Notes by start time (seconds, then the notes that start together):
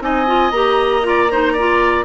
0.00 C4 D#4 D#5 G#5
0.26 F4
0.51 A#3 G4 A#5
1.02 F4 D5
1.31 D#4 C5
1.53 F4 D5